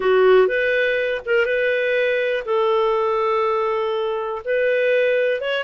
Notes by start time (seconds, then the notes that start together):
0.00 F#4
0.47 B4
1.25 A#4
1.45 B4
2.45 A4
4.44 B4
5.40 C#5